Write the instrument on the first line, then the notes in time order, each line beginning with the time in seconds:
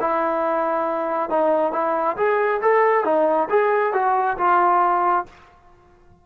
trombone
0.00 E4
1.30 D#4
1.72 E4
2.17 G#4
2.61 A4
3.04 D#4
3.49 G#4
3.93 F#4
4.38 F4